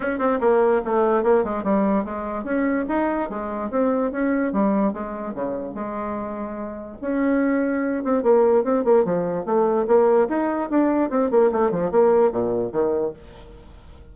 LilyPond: \new Staff \with { instrumentName = "bassoon" } { \time 4/4 \tempo 4 = 146 cis'8 c'8 ais4 a4 ais8 gis8 | g4 gis4 cis'4 dis'4 | gis4 c'4 cis'4 g4 | gis4 cis4 gis2~ |
gis4 cis'2~ cis'8 c'8 | ais4 c'8 ais8 f4 a4 | ais4 dis'4 d'4 c'8 ais8 | a8 f8 ais4 ais,4 dis4 | }